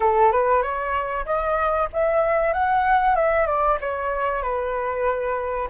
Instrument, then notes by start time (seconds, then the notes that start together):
flute
0.00 A4
0.32 B4
0.62 C#5
1.25 D#5
1.93 E5
2.53 F#5
3.16 E5
3.46 D5
3.80 C#5
4.42 B4